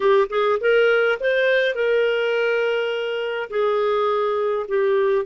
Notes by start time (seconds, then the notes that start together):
0.00 G4
0.29 G#4
0.60 A#4
1.19 C5
1.74 A#4
3.50 G#4
4.68 G4